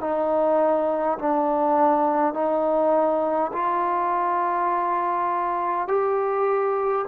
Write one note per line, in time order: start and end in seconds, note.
0.00 1.18 D#4
1.18 2.34 D4
2.34 3.51 D#4
3.52 5.88 F4
5.88 7.05 G4